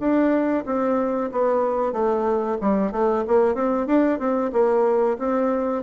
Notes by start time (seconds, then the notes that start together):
0.00 D4
0.66 C4
1.32 B3
1.93 A3
2.61 G3
2.92 A3
3.28 A#3
3.55 C4
3.87 D4
4.19 C4
4.53 A#3
5.19 C4